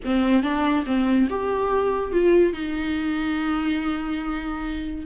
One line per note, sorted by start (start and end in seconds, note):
0.04 0.42 C4
0.42 0.85 D4
0.86 1.28 C4
1.29 2.12 G4
2.12 2.53 F4
2.53 5.06 D#4